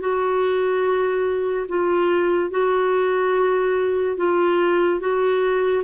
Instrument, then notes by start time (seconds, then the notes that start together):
clarinet
0.00 F#4
1.69 F4
2.50 F#4
4.17 F4
5.00 F#4